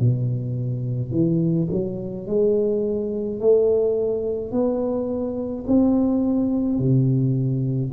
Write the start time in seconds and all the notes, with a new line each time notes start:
0.00 B2
1.11 E3
1.71 F#3
2.27 G#3
3.40 A3
4.52 B3
5.68 C4
6.79 C3